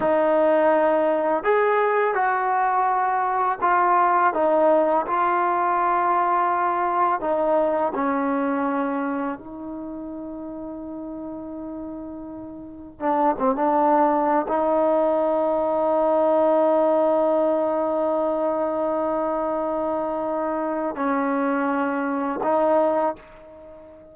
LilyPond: \new Staff \with { instrumentName = "trombone" } { \time 4/4 \tempo 4 = 83 dis'2 gis'4 fis'4~ | fis'4 f'4 dis'4 f'4~ | f'2 dis'4 cis'4~ | cis'4 dis'2.~ |
dis'2 d'8 c'16 d'4~ d'16 | dis'1~ | dis'1~ | dis'4 cis'2 dis'4 | }